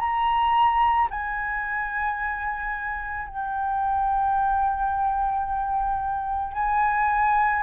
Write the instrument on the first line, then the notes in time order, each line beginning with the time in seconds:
flute
0.00 A#5
1.11 G#5
3.29 G5
6.54 G#5